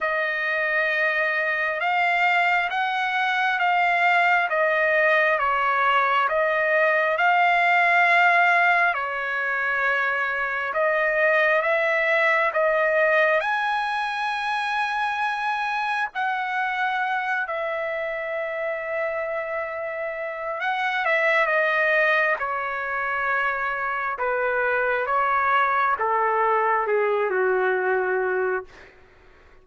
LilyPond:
\new Staff \with { instrumentName = "trumpet" } { \time 4/4 \tempo 4 = 67 dis''2 f''4 fis''4 | f''4 dis''4 cis''4 dis''4 | f''2 cis''2 | dis''4 e''4 dis''4 gis''4~ |
gis''2 fis''4. e''8~ | e''2. fis''8 e''8 | dis''4 cis''2 b'4 | cis''4 a'4 gis'8 fis'4. | }